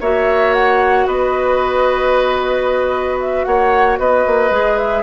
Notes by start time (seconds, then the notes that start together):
0.00 A#3 F#4 C#5 E5
0.54 F#5
1.07 B3 B4 D#5
3.20 E5
3.44 A#3 C#5 F#5
3.99 B3 B4 D#5
4.27 A#3
4.50 G#3 G#4
4.78 E5